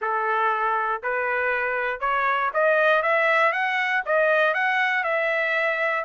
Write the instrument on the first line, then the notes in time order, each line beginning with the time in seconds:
trumpet
0.01 A4
1.02 B4
2.00 C#5
2.53 D#5
3.02 E5
3.52 F#5
4.05 D#5
4.54 F#5
5.03 E5